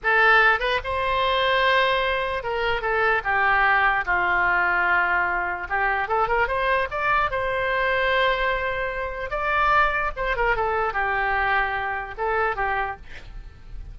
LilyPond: \new Staff \with { instrumentName = "oboe" } { \time 4/4 \tempo 4 = 148 a'4. b'8 c''2~ | c''2 ais'4 a'4 | g'2 f'2~ | f'2 g'4 a'8 ais'8 |
c''4 d''4 c''2~ | c''2. d''4~ | d''4 c''8 ais'8 a'4 g'4~ | g'2 a'4 g'4 | }